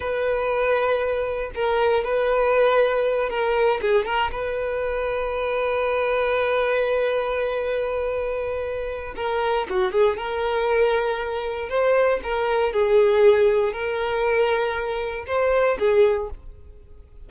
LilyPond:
\new Staff \with { instrumentName = "violin" } { \time 4/4 \tempo 4 = 118 b'2. ais'4 | b'2~ b'8 ais'4 gis'8 | ais'8 b'2.~ b'8~ | b'1~ |
b'2 ais'4 fis'8 gis'8 | ais'2. c''4 | ais'4 gis'2 ais'4~ | ais'2 c''4 gis'4 | }